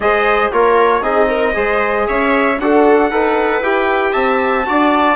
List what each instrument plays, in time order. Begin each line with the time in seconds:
0.00 bassoon G#3, trombone G#4, viola C5, trumpet D#5
0.52 bassoon A#3, trombone F4, viola A#4, trumpet C#5
1.02 bassoon C4, trombone D#4, viola G#4, trumpet D#5
1.29 viola A#4
1.53 bassoon G#3, trombone G#4, viola C5
2.07 bassoon C#4, viola C#5, trumpet E5
2.59 bassoon D4, trombone F#4, viola A4, trumpet F#5
3.11 bassoon D#4, trombone A4, viola B4
3.60 bassoon E4, trombone G4, trumpet G5
4.12 bassoon C4, viola E5, trumpet A5
4.65 bassoon D4, trombone F#4, viola D5